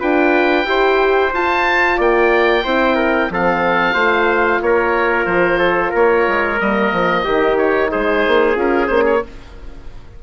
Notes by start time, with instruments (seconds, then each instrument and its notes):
0.00 bassoon D4, horn F4, trumpet B4, oboe G5
0.65 bassoon E4, horn G4, trumpet C5
1.34 bassoon F4, horn F4, oboe A5
1.97 bassoon A#3, trumpet D5, oboe G5
2.64 bassoon C4, horn E4, trumpet C5
2.96 trumpet A#4
3.30 bassoon F3, horn C4, trumpet A4, oboe F5
3.94 bassoon A3, horn F4, trumpet C5
4.61 bassoon A#3, trumpet A#4, oboe C#5
5.26 bassoon F3, oboe C5
5.59 trumpet A4
5.91 bassoon A#3, trumpet A#4, oboe C#5
6.28 bassoon G#3
6.61 bassoon G3, horn A#3, oboe D#5
6.93 bassoon F3
7.25 bassoon D#3, horn D#4, trumpet G4
7.58 oboe C#5
7.92 bassoon G#3, trumpet G#4, oboe C5
8.27 bassoon A#3
8.55 bassoon C#4, horn F4, oboe A#4
8.87 bassoon A#3, horn C#4, oboe C5
9.06 oboe C#5